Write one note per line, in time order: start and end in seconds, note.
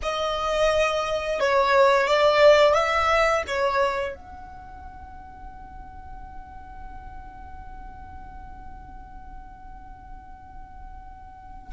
0.02 1.40 D#5
1.40 2.07 C#5
2.07 2.74 D5
2.74 3.43 E5
3.47 4.15 C#5
4.15 11.72 F#5